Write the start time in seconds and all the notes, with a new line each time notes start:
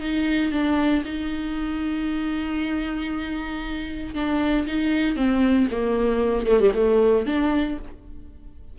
0.00 D#4
0.52 D4
1.05 D#4
4.14 D4
4.67 D#4
5.16 C4
5.71 A#3
6.47 A3
6.60 G3
6.74 A3
7.26 D4